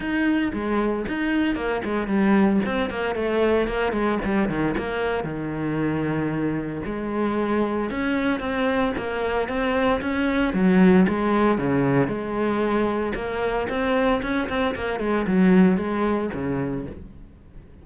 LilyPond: \new Staff \with { instrumentName = "cello" } { \time 4/4 \tempo 4 = 114 dis'4 gis4 dis'4 ais8 gis8 | g4 c'8 ais8 a4 ais8 gis8 | g8 dis8 ais4 dis2~ | dis4 gis2 cis'4 |
c'4 ais4 c'4 cis'4 | fis4 gis4 cis4 gis4~ | gis4 ais4 c'4 cis'8 c'8 | ais8 gis8 fis4 gis4 cis4 | }